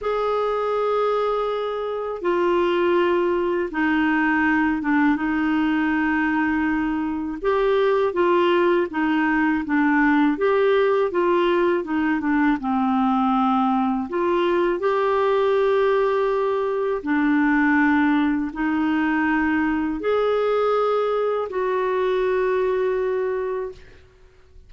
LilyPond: \new Staff \with { instrumentName = "clarinet" } { \time 4/4 \tempo 4 = 81 gis'2. f'4~ | f'4 dis'4. d'8 dis'4~ | dis'2 g'4 f'4 | dis'4 d'4 g'4 f'4 |
dis'8 d'8 c'2 f'4 | g'2. d'4~ | d'4 dis'2 gis'4~ | gis'4 fis'2. | }